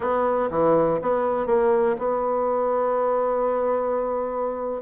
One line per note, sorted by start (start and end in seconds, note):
0.00 0.49 B3
0.50 0.99 E3
1.01 1.46 B3
1.46 1.96 A#3
1.98 4.81 B3